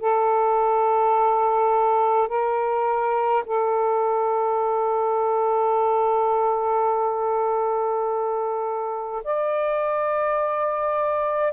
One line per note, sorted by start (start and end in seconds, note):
0.00 2.28 A4
2.28 3.43 A#4
3.46 9.23 A4
9.24 11.53 D5